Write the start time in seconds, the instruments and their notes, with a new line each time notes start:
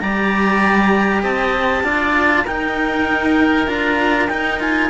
0.00 cello G3 G4, oboe D5, clarinet A#5
1.23 cello C4, oboe D#5, clarinet A5
1.83 cello D4 F4, oboe D5
2.45 cello D#4, oboe A#4, clarinet G5
3.67 cello D4 F4, clarinet A#5
4.29 cello D#4, clarinet G5
4.60 cello F4, clarinet G#5